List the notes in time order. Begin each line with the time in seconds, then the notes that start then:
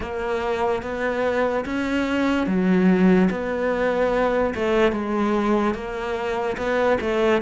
0.00 A#3
0.82 B3
1.65 C#4
2.47 F#3
3.30 B3
4.54 A3
4.92 G#3
5.74 A#3
6.57 B3
7.00 A3